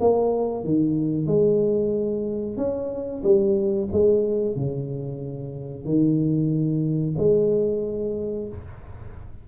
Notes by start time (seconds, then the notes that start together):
0.00 A#3
0.64 D#3
1.27 G#3
2.57 C#4
3.23 G3
3.92 G#3
4.56 C#3
5.85 D#3
7.18 G#3